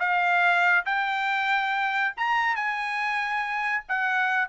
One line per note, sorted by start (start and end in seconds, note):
0.00 0.86 F5
0.86 2.15 G5
2.17 2.56 A#5
2.56 3.85 G#5
3.89 4.49 F#5